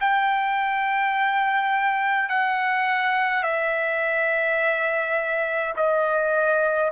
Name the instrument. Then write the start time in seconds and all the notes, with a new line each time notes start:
trumpet
0.00 G5
2.29 F#5
3.42 E5
5.76 D#5